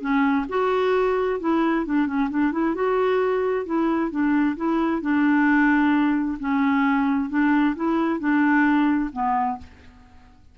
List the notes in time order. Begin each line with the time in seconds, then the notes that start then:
0.00 C#4
0.49 F#4
1.40 E4
1.86 D4
2.07 C#4
2.30 D4
2.52 E4
2.75 F#4
3.66 E4
4.11 D4
4.56 E4
5.01 D4
6.39 C#4
7.30 D4
7.75 E4
8.19 D4
9.13 B3